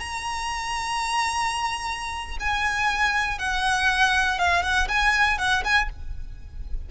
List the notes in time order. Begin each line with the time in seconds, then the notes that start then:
0.00 A#5
2.40 G#5
3.39 F#5
4.39 F5
4.63 F#5
4.89 G#5
5.39 F#5
5.65 G#5